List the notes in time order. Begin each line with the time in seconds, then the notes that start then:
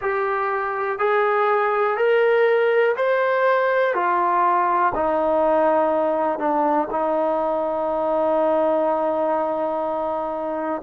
0.01 G4
0.98 G#4
1.97 A#4
2.96 C5
3.94 F4
4.94 D#4
6.38 D4
6.91 D#4